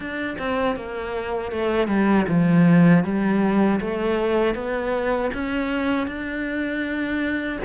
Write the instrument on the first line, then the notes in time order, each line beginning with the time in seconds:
cello
0.00 D4
0.38 C4
0.76 A#3
1.51 A3
1.87 G3
2.28 F3
3.03 G3
3.80 A3
4.54 B3
5.33 C#4
6.07 D4